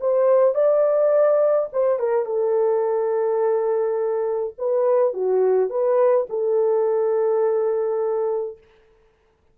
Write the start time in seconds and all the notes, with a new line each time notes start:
0.00 C5
0.54 D5
1.72 C5
1.99 A#4
2.25 A4
4.58 B4
5.13 F#4
5.70 B4
6.29 A4